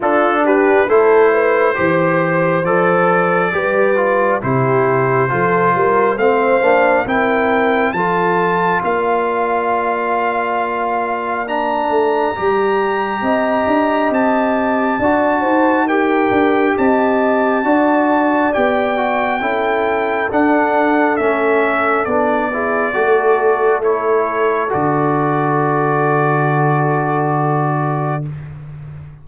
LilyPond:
<<
  \new Staff \with { instrumentName = "trumpet" } { \time 4/4 \tempo 4 = 68 a'8 b'8 c''2 d''4~ | d''4 c''2 f''4 | g''4 a''4 f''2~ | f''4 ais''2. |
a''2 g''4 a''4~ | a''4 g''2 fis''4 | e''4 d''2 cis''4 | d''1 | }
  \new Staff \with { instrumentName = "horn" } { \time 4/4 f'8 g'8 a'8 b'8 c''2 | b'4 g'4 a'8 ais'8 c''4 | ais'4 a'4 d''2~ | d''2. dis''4~ |
dis''4 d''8 c''8 ais'4 dis''4 | d''2 a'2~ | a'4. gis'8 a'2~ | a'1 | }
  \new Staff \with { instrumentName = "trombone" } { \time 4/4 d'4 e'4 g'4 a'4 | g'8 f'8 e'4 f'4 c'8 d'8 | e'4 f'2.~ | f'4 d'4 g'2~ |
g'4 fis'4 g'2 | fis'4 g'8 fis'8 e'4 d'4 | cis'4 d'8 e'8 fis'4 e'4 | fis'1 | }
  \new Staff \with { instrumentName = "tuba" } { \time 4/4 d'4 a4 e4 f4 | g4 c4 f8 g8 a8 ais8 | c'4 f4 ais2~ | ais4. a8 g4 c'8 d'8 |
c'4 d'8 dis'4 d'8 c'4 | d'4 b4 cis'4 d'4 | a4 b4 a2 | d1 | }
>>